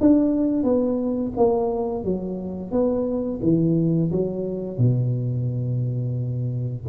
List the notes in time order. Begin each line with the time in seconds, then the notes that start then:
0.00 D4
0.63 B3
1.36 A#3
2.04 F#3
2.71 B3
3.42 E3
4.11 F#3
4.77 B2